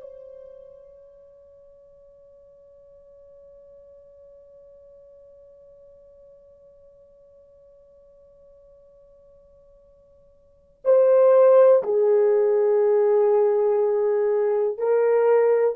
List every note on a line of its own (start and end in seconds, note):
0.00 10.82 C#5
10.84 11.83 C5
11.83 14.78 G#4
14.78 15.75 A#4